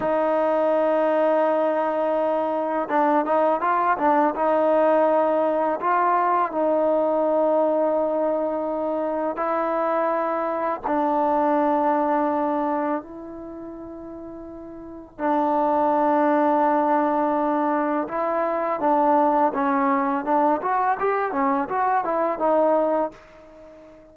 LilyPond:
\new Staff \with { instrumentName = "trombone" } { \time 4/4 \tempo 4 = 83 dis'1 | d'8 dis'8 f'8 d'8 dis'2 | f'4 dis'2.~ | dis'4 e'2 d'4~ |
d'2 e'2~ | e'4 d'2.~ | d'4 e'4 d'4 cis'4 | d'8 fis'8 g'8 cis'8 fis'8 e'8 dis'4 | }